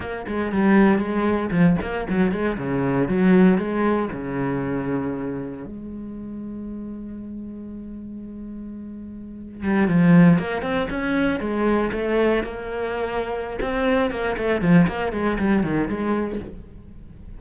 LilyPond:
\new Staff \with { instrumentName = "cello" } { \time 4/4 \tempo 4 = 117 ais8 gis8 g4 gis4 f8 ais8 | fis8 gis8 cis4 fis4 gis4 | cis2. gis4~ | gis1~ |
gis2~ gis8. g8 f8.~ | f16 ais8 c'8 cis'4 gis4 a8.~ | a16 ais2~ ais16 c'4 ais8 | a8 f8 ais8 gis8 g8 dis8 gis4 | }